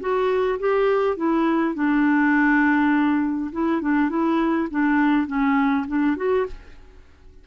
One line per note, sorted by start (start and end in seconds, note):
0.00 0.59 F#4
0.59 1.16 G4
1.16 1.74 E4
1.74 3.51 D4
3.52 3.81 E4
3.81 4.09 D4
4.09 4.68 E4
4.70 5.26 D4
5.26 5.85 C#4
5.87 6.16 D4
6.16 6.46 F#4